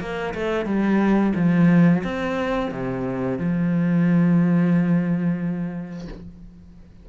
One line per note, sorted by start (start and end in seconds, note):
0.00 0.34 A#3
0.34 0.65 A3
0.65 1.33 G3
1.35 2.03 F3
2.04 2.71 C4
2.71 3.38 C3
3.38 6.08 F3